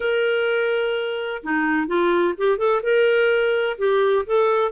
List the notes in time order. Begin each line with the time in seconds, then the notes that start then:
0.00 A#4
1.43 D#4
1.87 F4
2.37 G4
2.58 A4
2.82 A#4
3.78 G4
4.26 A4